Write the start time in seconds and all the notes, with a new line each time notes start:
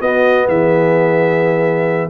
0.00 B3 F#4 D#5
0.47 E3 G#4 E5